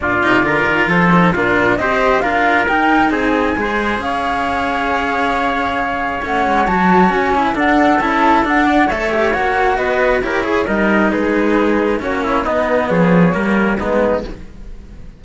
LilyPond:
<<
  \new Staff \with { instrumentName = "flute" } { \time 4/4 \tempo 4 = 135 d''2 c''4 ais'4 | dis''4 f''4 g''4 gis''4~ | gis''4 f''2.~ | f''2 fis''4 a''4 |
gis''4 fis''4 a''4 fis''4 | e''4 fis''4 dis''4 cis''4 | dis''4 b'2 cis''4 | dis''4 cis''2 b'4 | }
  \new Staff \with { instrumentName = "trumpet" } { \time 4/4 f'4 ais'4 a'4 f'4 | c''4 ais'2 gis'4 | c''4 cis''2.~ | cis''1~ |
cis''8. b'16 a'2~ a'8 d''8 | cis''2 b'4 ais'8 gis'8 | ais'4 gis'2 fis'8 e'8 | dis'4 gis'4 ais'4 dis'4 | }
  \new Staff \with { instrumentName = "cello" } { \time 4/4 d'8 dis'8 f'4. dis'8 d'4 | g'4 f'4 dis'2 | gis'1~ | gis'2 cis'4 fis'4~ |
fis'8 e'8 d'4 e'4 d'4 | a'8 g'8 fis'2 g'8 gis'8 | dis'2. cis'4 | b2 ais4 b4 | }
  \new Staff \with { instrumentName = "cello" } { \time 4/4 ais,8 c8 d8 dis8 f4 ais,4 | c'4 d'4 dis'4 c'4 | gis4 cis'2.~ | cis'2 a8 gis8 fis4 |
cis'4 d'4 cis'4 d'4 | a4 ais4 b4 e'4 | g4 gis2 ais4 | b4 f4 g4 gis4 | }
>>